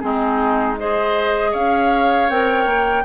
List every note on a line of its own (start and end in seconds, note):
0.00 1.54 G#3
0.00 0.76 C4
0.00 0.80 D#4
0.00 0.76 G#4
0.78 2.30 G#4
0.78 1.51 C5
0.78 1.54 D#5
1.51 2.29 C#4
1.51 3.03 C#5
1.51 2.29 F5
2.29 2.66 C4
2.29 3.05 A#4
2.29 3.05 G5
2.66 3.04 A#3